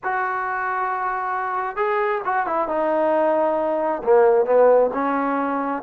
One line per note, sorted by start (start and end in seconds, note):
0.03 1.76 F#4
1.76 2.21 G#4
2.24 2.46 F#4
2.46 2.68 E4
2.68 4.02 D#4
4.03 4.45 A#3
4.45 4.90 B3
4.93 5.82 C#4